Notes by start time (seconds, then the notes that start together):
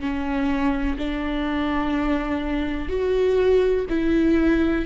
0.00 C#4
0.98 D4
2.89 F#4
3.89 E4